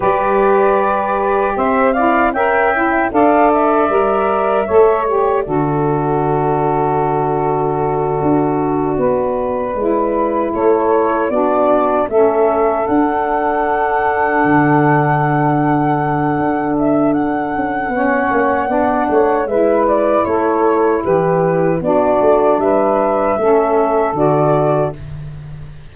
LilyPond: <<
  \new Staff \with { instrumentName = "flute" } { \time 4/4 \tempo 4 = 77 d''2 e''8 f''8 g''4 | f''8 e''2 d''4.~ | d''1~ | d''4. cis''4 d''4 e''8~ |
e''8 fis''2.~ fis''8~ | fis''4. e''8 fis''2~ | fis''4 e''8 d''8 cis''4 b'4 | d''4 e''2 d''4 | }
  \new Staff \with { instrumentName = "saxophone" } { \time 4/4 b'2 c''8 d''8 e''4 | d''2 cis''4 a'4~ | a'2.~ a'8 b'8~ | b'4. a'4 fis'4 a'8~ |
a'1~ | a'2. cis''4 | d''8 cis''8 b'4 a'4 g'4 | fis'4 b'4 a'2 | }
  \new Staff \with { instrumentName = "saxophone" } { \time 4/4 g'2~ g'8 e'8 ais'8 e'8 | a'4 ais'4 a'8 g'8 fis'4~ | fis'1~ | fis'8 e'2 d'4 cis'8~ |
cis'8 d'2.~ d'8~ | d'2. cis'4 | d'4 e'2. | d'2 cis'4 fis'4 | }
  \new Staff \with { instrumentName = "tuba" } { \time 4/4 g2 c'4 cis'4 | d'4 g4 a4 d4~ | d2~ d8 d'4 b8~ | b8 gis4 a4 b4 a8~ |
a8 d'2 d4.~ | d4 d'4. cis'8 b8 ais8 | b8 a8 gis4 a4 e4 | b8 a8 g4 a4 d4 | }
>>